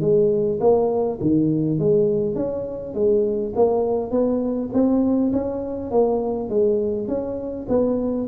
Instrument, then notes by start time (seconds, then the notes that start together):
tuba
0.00 G#3
0.60 A#3
1.21 D#3
1.79 G#3
2.35 C#4
2.94 G#3
3.55 A#3
4.10 B3
4.72 C4
5.32 C#4
5.91 A#3
6.49 G#3
7.07 C#4
7.68 B3